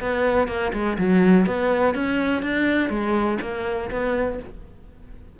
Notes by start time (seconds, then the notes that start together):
0.00 B3
0.48 A#3
0.73 G#3
0.98 F#3
1.46 B3
1.95 C#4
2.42 D4
2.90 G#3
3.41 A#3
3.91 B3